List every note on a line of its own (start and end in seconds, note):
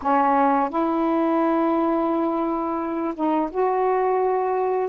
0.02 0.69 C#4
0.69 3.14 E4
3.15 3.49 D#4
3.51 4.89 F#4